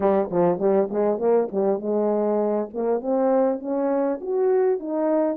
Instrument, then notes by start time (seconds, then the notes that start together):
horn
0.00 G3
0.30 F3
0.58 G3
0.90 G#3
1.18 A#3
1.51 G3
1.79 G#3
2.73 A#3
3.00 C4
3.59 C#4
4.21 F#4
4.79 D#4